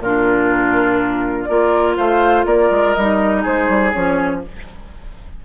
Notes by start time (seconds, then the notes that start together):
0.00 A#2 D4 F4 A#4
1.45 A#3 F4 A#4 D5
1.97 A3 C5 F5
2.46 A#3 A#4 D5
2.71 G#3
2.94 G3 D#4 D#5
3.43 G#3 G#4 C5
3.69 G3
3.93 F3 C#4 C#5